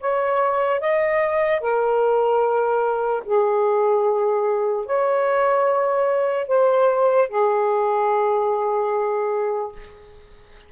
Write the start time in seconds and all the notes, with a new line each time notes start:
0.00 C#5
0.80 D#5
1.61 A#4
3.25 G#4
4.86 C#5
6.48 C5
7.29 G#4